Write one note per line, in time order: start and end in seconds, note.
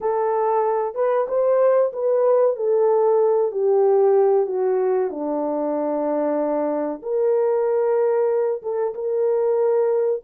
0.01 0.94 A4
0.94 1.26 B4
1.28 1.91 C5
1.92 2.56 B4
2.56 3.51 A4
3.51 4.46 G4
4.46 5.10 F#4
5.10 7.01 D4
7.02 8.62 A#4
8.62 8.94 A4
8.94 10.22 A#4